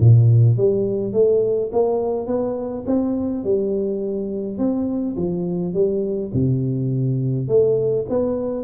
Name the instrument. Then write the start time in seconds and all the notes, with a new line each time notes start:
tuba
0.00 A#2
0.57 G3
1.13 A3
1.73 A#3
2.27 B3
2.87 C4
3.44 G3
4.58 C4
5.17 F3
5.74 G3
6.34 C3
7.48 A3
8.09 B3